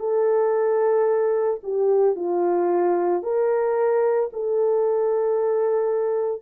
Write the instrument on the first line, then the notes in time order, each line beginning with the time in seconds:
horn
0.00 A4
1.64 G4
2.16 F4
3.23 A#4
4.33 A4